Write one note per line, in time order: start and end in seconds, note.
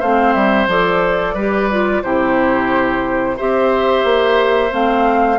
0.00 0.35 A3
0.00 0.70 C4
0.00 1.34 C5
0.00 0.33 F5
0.33 0.67 G3
0.33 0.67 E5
0.67 1.35 F3
0.67 1.37 A4
0.67 2.03 D5
1.34 2.02 G3
1.34 1.71 G4
1.34 2.02 B4
1.71 2.04 F4
2.03 3.39 C3
2.03 3.38 E4
2.03 3.37 G4
2.03 3.38 C5
3.37 4.04 C4
3.37 4.71 G4
3.37 5.39 C5
3.37 4.73 E5
4.04 4.72 A#3
4.71 5.39 A3
4.71 5.38 C4
4.71 5.39 F5